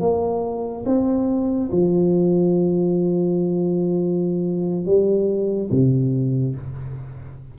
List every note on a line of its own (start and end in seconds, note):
0.00 0.85 A#3
0.86 1.70 C4
1.71 4.85 F3
4.85 5.70 G3
5.71 6.55 C3